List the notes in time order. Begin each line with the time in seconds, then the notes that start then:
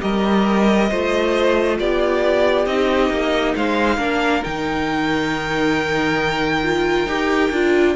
0.00 G3 G4 A#4 D#5
0.90 A3 F4 C5
1.79 B3 G4 D5
2.66 C4 D#4 D#5
3.10 A#3
3.56 G#3 C5 F5
3.97 A#3 D4 A#4
4.43 D#3 D#4 G5
6.63 F4
7.06 D#4 G4
7.51 D4 F4